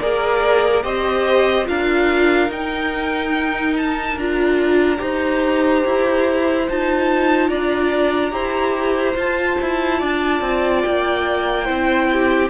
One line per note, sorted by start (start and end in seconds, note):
0.00 0.84 A#3
0.00 0.83 G#4
0.00 0.83 A#4
0.00 0.84 D5
0.83 1.68 C4
0.83 1.65 G4
0.83 1.67 C5
0.83 1.66 D#5
1.65 2.49 D4
1.65 2.48 F4
1.65 5.00 A#4
1.65 2.51 F5
2.49 4.15 D#4
2.49 4.18 D#4
2.49 3.77 G5
3.77 4.18 A5
4.16 5.00 D4
4.16 4.97 F4
4.16 6.68 A#5
4.97 5.85 D#4
4.97 6.64 G4
4.97 7.50 C5
5.85 6.69 E4
6.69 7.49 D#4
6.69 8.31 F4
6.69 7.50 A5
7.49 8.32 D4
7.49 8.33 D5
7.49 9.16 A#5
8.31 9.15 E4
8.31 9.14 G4
8.31 9.99 C5
9.16 9.57 F4
9.16 11.65 F4
9.16 10.82 A5
9.61 10.02 E4
9.99 10.41 D4
9.99 11.64 D5
10.41 10.83 C4
10.82 11.69 A#3
10.82 12.49 G5
11.64 12.50 C4
11.64 12.49 E4
11.64 12.06 C5
12.12 12.50 G4